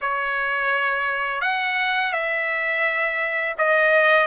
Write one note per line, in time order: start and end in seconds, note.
0.01 1.41 C#5
1.41 2.12 F#5
2.12 3.55 E5
3.57 4.26 D#5